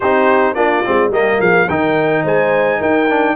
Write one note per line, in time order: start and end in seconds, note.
0.00 0.55 C4
0.00 0.55 D#4
0.00 0.55 G4
0.00 0.54 C5
0.54 0.83 A#3
0.54 0.83 D4
0.54 1.11 F4
0.54 1.10 D5
0.85 1.09 G#3
0.85 1.11 C4
1.09 1.37 G3
1.09 1.67 A#3
1.09 1.39 G4
1.09 1.40 D#5
1.40 1.69 F3
1.40 1.68 G#4
1.40 1.68 F5
1.69 2.24 D#3
1.69 3.09 D#4
1.69 2.23 A#4
1.69 2.25 G5
2.23 2.80 G#3
2.23 2.78 C5
2.23 2.82 G#5
2.78 3.36 D#4
2.78 3.34 A#4
2.78 3.36 G5
3.09 3.36 D4